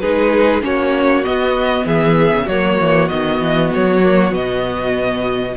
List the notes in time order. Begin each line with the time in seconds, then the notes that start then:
0.00 G#3 D#4 G#4 B4
0.61 A#3 C#4 F#4 C#5
1.24 B3 D#5
1.86 E3 G#4 E5
2.35 C#3
2.46 F#3 A#3 F#4 C#5
2.80 E3
3.08 D#3 B3 D#5
3.40 E3
3.74 F#3 C#5
4.03 A#3
4.30 B2 B3 D#5